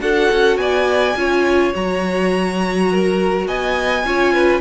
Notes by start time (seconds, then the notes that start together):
0.00 D4 F#4 A4 F#5
0.31 C#4
0.57 B3 D5 G#5
1.16 C#4 F4 C#5
1.73 F#3 F#4 A#5
2.92 A#4
3.46 B3 D#5 G#5
4.04 C#4 F4 C#5
4.33 B4